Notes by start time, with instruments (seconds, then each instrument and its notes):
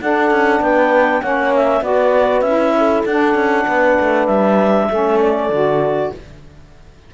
0.00 saxophone D4, cello D4, horn A4, clarinet F#5
0.31 cello C#4
0.60 cello B3, horn B4, clarinet G5
1.22 cello A#3, saxophone C#4, horn C#5, clarinet F#5
1.56 clarinet E5
1.81 cello B3, saxophone F#4, horn B4, clarinet D5
2.40 cello C#4, saxophone E4, clarinet E5
2.78 horn A4
3.05 cello D4, saxophone D4, clarinet F#5
3.34 cello C#4
3.66 cello B3, horn B4
4.00 cello A3
4.27 cello G3, clarinet E5
4.90 cello A3, saxophone C#4, horn A4
5.20 clarinet D5
5.49 cello D3, saxophone F#4